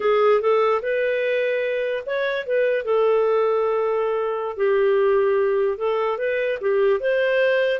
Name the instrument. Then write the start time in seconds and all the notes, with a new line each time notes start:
clarinet
0.00 G#4
0.41 A4
0.81 B4
2.05 C#5
2.46 B4
2.84 A4
4.56 G4
5.77 A4
6.18 B4
6.60 G4
7.00 C5